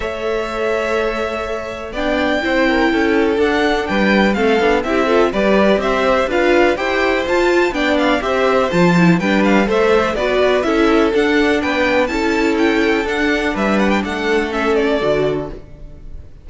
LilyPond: <<
  \new Staff \with { instrumentName = "violin" } { \time 4/4 \tempo 4 = 124 e''1 | g''2. fis''4 | g''4 f''4 e''4 d''4 | e''4 f''4 g''4 a''4 |
g''8 f''8 e''4 a''4 g''8 f''8 | e''4 d''4 e''4 fis''4 | g''4 a''4 g''4 fis''4 | e''8 fis''16 g''16 fis''4 e''8 d''4. | }
  \new Staff \with { instrumentName = "violin" } { \time 4/4 cis''1 | d''4 c''8 ais'8 a'2 | b'4 a'4 g'8 a'8 b'4 | c''4 b'4 c''2 |
d''4 c''2 b'4 | c''4 b'4 a'2 | b'4 a'2. | b'4 a'2. | }
  \new Staff \with { instrumentName = "viola" } { \time 4/4 a'1 | d'4 e'2 d'4~ | d'4 c'8 d'8 e'8 f'8 g'4~ | g'4 f'4 g'4 f'4 |
d'4 g'4 f'8 e'8 d'4 | a'4 fis'4 e'4 d'4~ | d'4 e'2 d'4~ | d'2 cis'4 fis'4 | }
  \new Staff \with { instrumentName = "cello" } { \time 4/4 a1 | b4 c'4 cis'4 d'4 | g4 a8 b8 c'4 g4 | c'4 d'4 e'4 f'4 |
b4 c'4 f4 g4 | a4 b4 cis'4 d'4 | b4 cis'2 d'4 | g4 a2 d4 | }
>>